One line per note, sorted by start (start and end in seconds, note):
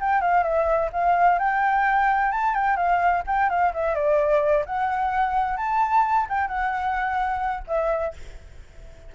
0.00 0.22 G5
0.22 0.43 F5
0.43 0.90 E5
0.93 1.39 F5
1.39 2.32 G5
2.32 2.55 A5
2.55 2.77 G5
2.77 3.23 F5
3.27 3.50 G5
3.50 3.73 F5
3.74 3.95 E5
3.95 4.65 D5
4.66 5.57 F#5
5.57 6.27 A5
6.29 6.48 G5
6.48 7.64 F#5
7.67 8.14 E5